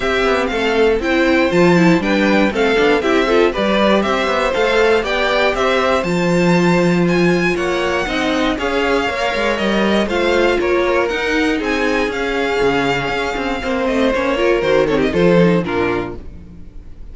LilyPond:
<<
  \new Staff \with { instrumentName = "violin" } { \time 4/4 \tempo 4 = 119 e''4 f''4 g''4 a''4 | g''4 f''4 e''4 d''4 | e''4 f''4 g''4 e''4 | a''2 gis''4 fis''4~ |
fis''4 f''2 dis''4 | f''4 cis''4 fis''4 gis''4 | f''2.~ f''8 dis''8 | cis''4 c''8 cis''16 dis''16 c''4 ais'4 | }
  \new Staff \with { instrumentName = "violin" } { \time 4/4 g'4 a'4 c''2 | b'4 a'4 g'8 a'8 b'4 | c''2 d''4 c''4~ | c''2. cis''4 |
dis''4 cis''2. | c''4 ais'2 gis'4~ | gis'2. c''4~ | c''8 ais'4 a'16 g'16 a'4 f'4 | }
  \new Staff \with { instrumentName = "viola" } { \time 4/4 c'2 e'4 f'8 e'8 | d'4 c'8 d'8 e'8 f'8 g'4~ | g'4 a'4 g'2 | f'1 |
dis'4 gis'4 ais'2 | f'2 dis'2 | cis'2. c'4 | cis'8 f'8 fis'8 c'8 f'8 dis'8 d'4 | }
  \new Staff \with { instrumentName = "cello" } { \time 4/4 c'8 b8 a4 c'4 f4 | g4 a8 b8 c'4 g4 | c'8 b8 a4 b4 c'4 | f2. ais4 |
c'4 cis'4 ais8 gis8 g4 | a4 ais4 dis'4 c'4 | cis'4 cis4 cis'8 c'8 ais8 a8 | ais4 dis4 f4 ais,4 | }
>>